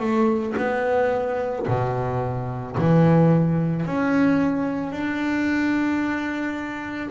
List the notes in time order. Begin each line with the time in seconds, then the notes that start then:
0.00 A3
0.58 B3
1.68 B2
2.78 E3
3.87 C#4
4.92 D4